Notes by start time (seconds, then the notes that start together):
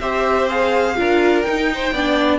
0.00 C4 G4 C5 E5
0.48 G#4 F5
0.96 D4 F4 A#4
1.42 D#4 G5
1.48 D#4
1.74 C5
1.91 B3 D4 D5